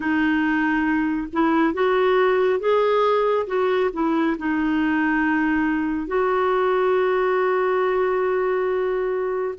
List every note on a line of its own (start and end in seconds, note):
0.00 1.27 D#4
1.32 1.73 E4
1.73 2.59 F#4
2.59 3.46 G#4
3.46 3.90 F#4
3.93 4.36 E4
4.38 6.07 D#4
6.07 9.55 F#4